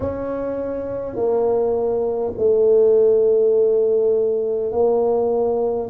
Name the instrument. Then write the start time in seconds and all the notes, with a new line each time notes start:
tuba
0.00 C#4
1.15 A#3
2.37 A3
4.72 A#3